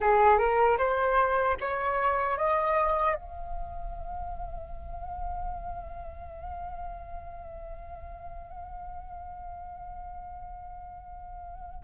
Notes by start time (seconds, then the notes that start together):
0.00 G#4
0.38 A#4
0.78 C5
1.60 C#5
2.37 D#5
3.15 F5